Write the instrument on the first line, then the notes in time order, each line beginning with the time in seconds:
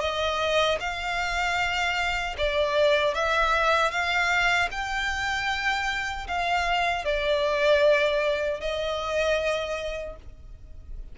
violin
0.00 D#5
0.80 F5
2.37 D5
3.14 E5
3.91 F5
4.71 G5
6.27 F5
7.04 D5
8.60 D#5